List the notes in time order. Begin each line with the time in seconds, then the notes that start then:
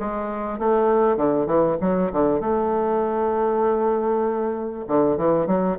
0.00 G#3
0.59 A3
1.17 D3
1.47 E3
1.81 F#3
2.13 D3
2.41 A3
4.88 D3
5.18 E3
5.47 F#3